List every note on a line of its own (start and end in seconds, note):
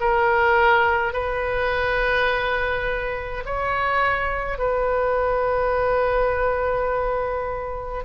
0.00 1.13 A#4
1.13 3.44 B4
3.45 4.58 C#5
4.58 8.04 B4